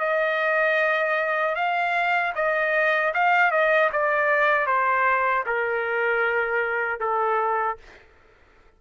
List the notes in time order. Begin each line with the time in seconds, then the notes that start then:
0.00 D#5
1.56 F5
2.36 D#5
3.14 F5
3.51 D#5
3.93 D5
4.67 C5
5.47 A#4
7.00 A4